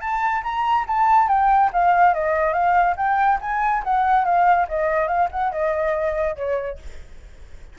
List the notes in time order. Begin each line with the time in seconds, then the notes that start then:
0.00 A5
0.43 A#5
0.87 A5
1.28 G5
1.72 F5
2.14 D#5
2.53 F5
2.96 G5
3.40 G#5
3.83 F#5
4.25 F5
4.68 D#5
5.07 F5
5.31 F#5
5.51 D#5
6.36 C#5